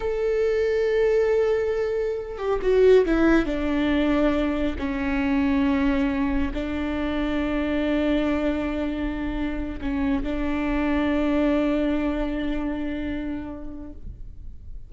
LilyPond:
\new Staff \with { instrumentName = "viola" } { \time 4/4 \tempo 4 = 138 a'1~ | a'4. g'8 fis'4 e'4 | d'2. cis'4~ | cis'2. d'4~ |
d'1~ | d'2~ d'8 cis'4 d'8~ | d'1~ | d'1 | }